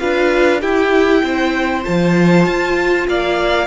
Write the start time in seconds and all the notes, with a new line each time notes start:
0.00 D4 F4 B4 F5
0.61 E4 G4 G5
1.24 C4 C5
1.84 F3 F4 A5
2.47 F4
3.08 A#3 D5 F5